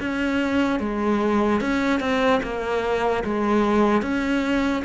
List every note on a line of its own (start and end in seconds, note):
0.00 0.80 C#4
0.80 1.61 G#3
1.61 2.00 C#4
2.00 2.41 C4
2.43 3.24 A#3
3.24 4.02 G#3
4.02 4.83 C#4